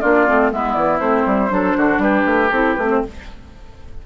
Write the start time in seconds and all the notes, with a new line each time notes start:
0.00 A#3 D4 F4 D5
0.26 A3 C4
0.51 G#3 B3 E4 E5
0.73 E3 D5
0.99 A3 C4 C5
1.26 G3
1.49 F#3 D4 A4
1.77 D3 F#4
1.98 G3 G4 B4
2.26 A3
2.49 C4 E4 A4
2.74 A3 B4
2.81 C4
2.90 C5